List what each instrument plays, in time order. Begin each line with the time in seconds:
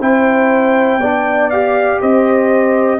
0.00 tuba C4, trombone E4, horn C5, trumpet G5
0.97 tuba B3, trombone D4, horn D5
1.50 trombone G4, trumpet F5
2.01 tuba C4, horn C5, trumpet D#5